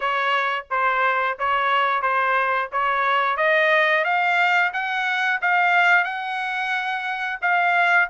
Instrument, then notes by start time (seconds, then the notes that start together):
trumpet
0.00 C#5
0.70 C5
1.39 C#5
2.01 C5
2.72 C#5
3.36 D#5
4.04 F5
4.73 F#5
5.41 F5
6.04 F#5
7.41 F5